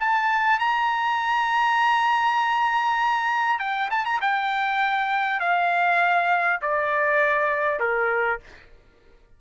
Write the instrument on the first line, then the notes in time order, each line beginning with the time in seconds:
trumpet
0.00 A5
0.59 A#5
3.59 G5
3.91 A5
4.05 A#5
4.22 G5
5.40 F5
6.62 D5
7.80 A#4